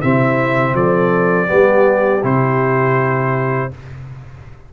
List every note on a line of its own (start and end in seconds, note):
0.00 0.74 C3
0.00 1.47 C4
0.00 0.74 E4
0.00 0.75 E5
0.74 1.48 F3
0.74 1.48 A4
0.74 2.24 D5
1.47 2.23 G3
1.47 2.21 B3
1.47 3.70 G4
2.23 3.71 C3
2.23 3.71 E4
2.23 3.73 C5